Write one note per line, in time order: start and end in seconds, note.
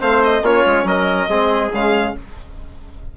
0.00 0.42 A3
0.00 0.43 C4
0.00 0.43 C5
0.00 0.23 F5
0.24 0.45 D#5
0.42 0.64 A#3
0.42 1.30 C#4
0.42 0.87 F4
0.42 0.88 C#5
0.66 0.84 G#3
0.84 1.27 F#3
0.84 1.30 A#4
0.84 1.73 D#5
1.29 1.72 G#3
1.29 1.72 C4
1.29 2.15 G#4
1.73 2.15 C#3
1.73 2.16 G#3
1.73 2.17 F5